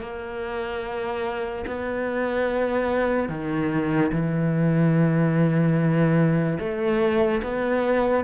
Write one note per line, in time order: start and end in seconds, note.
0.00 1.64 A#3
1.66 3.28 B3
3.28 4.11 D#3
4.11 6.58 E3
6.59 7.41 A3
7.42 8.24 B3